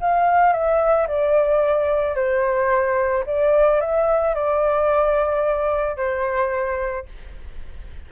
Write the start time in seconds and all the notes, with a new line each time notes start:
0.00 F5
0.52 E5
1.08 D5
2.15 C5
3.26 D5
3.81 E5
4.35 D5
5.97 C5